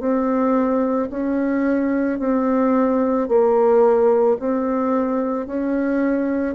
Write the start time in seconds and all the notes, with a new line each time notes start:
0.00 C4
1.10 C#4
2.19 C4
3.28 A#3
4.39 C4
5.46 C#4